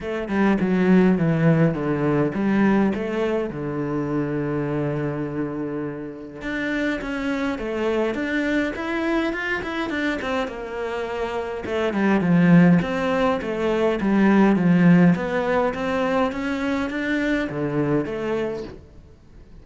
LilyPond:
\new Staff \with { instrumentName = "cello" } { \time 4/4 \tempo 4 = 103 a8 g8 fis4 e4 d4 | g4 a4 d2~ | d2. d'4 | cis'4 a4 d'4 e'4 |
f'8 e'8 d'8 c'8 ais2 | a8 g8 f4 c'4 a4 | g4 f4 b4 c'4 | cis'4 d'4 d4 a4 | }